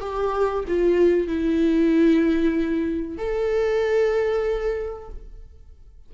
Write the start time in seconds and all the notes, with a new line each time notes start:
0.00 G4
0.68 F4
1.27 E4
3.17 A4